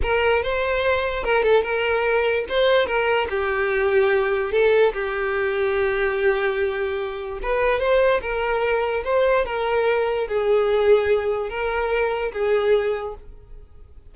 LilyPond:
\new Staff \with { instrumentName = "violin" } { \time 4/4 \tempo 4 = 146 ais'4 c''2 ais'8 a'8 | ais'2 c''4 ais'4 | g'2. a'4 | g'1~ |
g'2 b'4 c''4 | ais'2 c''4 ais'4~ | ais'4 gis'2. | ais'2 gis'2 | }